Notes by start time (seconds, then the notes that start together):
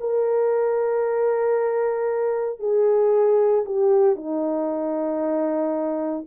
0.00 A#4
2.60 G#4
3.66 G4
4.16 D#4